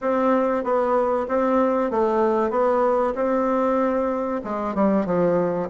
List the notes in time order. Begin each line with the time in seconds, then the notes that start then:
0.01 C4
0.63 B3
1.28 C4
1.90 A3
2.50 B3
3.15 C4
4.44 G#3
4.74 G3
5.05 F3